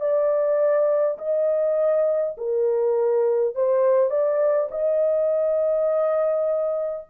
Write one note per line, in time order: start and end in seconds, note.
0.00 1.18 D5
1.18 2.35 D#5
2.37 3.55 A#4
3.55 4.10 C5
4.10 4.68 D5
4.71 7.06 D#5